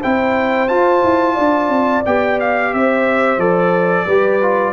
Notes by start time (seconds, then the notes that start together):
0.00 C4 E4 C5 G5
0.68 F4 A5
1.03 E4
1.34 D4 D5
1.69 C4
2.05 B3 G4 G5
2.40 F5
2.73 C4 C5 E5
3.37 F3 A4 D5
4.06 G3 G4 B4
4.42 F4